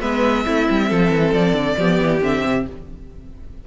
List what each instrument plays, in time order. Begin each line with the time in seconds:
0.00 cello G#3, viola B3, violin B4 E5
0.44 cello A3, viola C4, violin E4
0.70 cello G3
0.89 cello F3, violin A4
1.10 cello E3
1.33 cello F3, violin D5
1.53 cello D3
1.77 cello F3, viola B3, violin G4
2.01 cello E3
2.21 cello D3, viola C4, violin E5
2.44 cello C3